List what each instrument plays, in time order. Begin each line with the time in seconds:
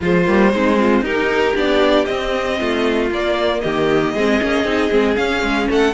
0.00 cello F3, viola G#3, violin F4 C5
0.26 cello G3, viola A#3
0.52 cello G#3, viola C4, violin D#4
0.78 violin F4
1.01 cello D#4, viola D#4, violin G4 A#4
1.55 cello B3, viola D4, violin D5
2.05 viola C4, cello C4, violin D#5
2.58 cello A3, violin F4
3.10 cello A#3, viola A#3, violin D5
3.61 cello D#3, violin G4 D#5
4.14 cello G#3, viola C4, violin G#4
4.41 cello A#3, viola C#4
4.64 cello C4, viola D#4
4.90 cello G#3, viola C4
5.15 viola C#4, cello C#4, violin F5
5.42 cello G#3
5.69 cello A3, violin A4 F#5